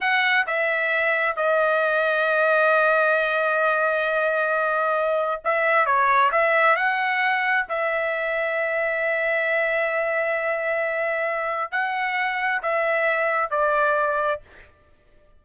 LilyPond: \new Staff \with { instrumentName = "trumpet" } { \time 4/4 \tempo 4 = 133 fis''4 e''2 dis''4~ | dis''1~ | dis''1 | e''4 cis''4 e''4 fis''4~ |
fis''4 e''2.~ | e''1~ | e''2 fis''2 | e''2 d''2 | }